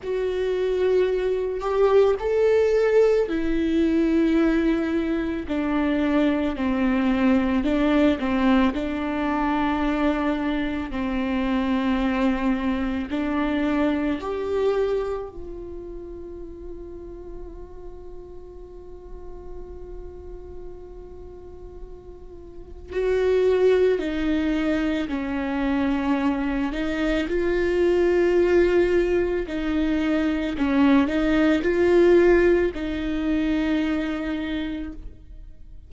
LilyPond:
\new Staff \with { instrumentName = "viola" } { \time 4/4 \tempo 4 = 55 fis'4. g'8 a'4 e'4~ | e'4 d'4 c'4 d'8 c'8 | d'2 c'2 | d'4 g'4 f'2~ |
f'1~ | f'4 fis'4 dis'4 cis'4~ | cis'8 dis'8 f'2 dis'4 | cis'8 dis'8 f'4 dis'2 | }